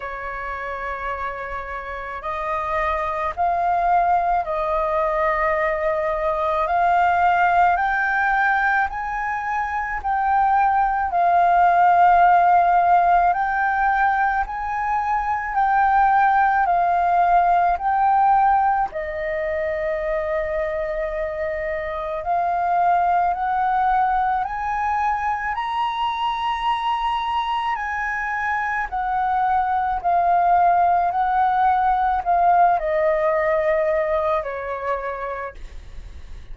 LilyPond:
\new Staff \with { instrumentName = "flute" } { \time 4/4 \tempo 4 = 54 cis''2 dis''4 f''4 | dis''2 f''4 g''4 | gis''4 g''4 f''2 | g''4 gis''4 g''4 f''4 |
g''4 dis''2. | f''4 fis''4 gis''4 ais''4~ | ais''4 gis''4 fis''4 f''4 | fis''4 f''8 dis''4. cis''4 | }